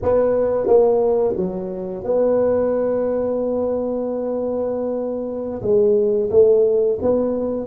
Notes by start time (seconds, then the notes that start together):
0.02 B3
0.66 A#3
1.36 F#3
2.03 B3
5.62 G#3
6.30 A3
7.01 B3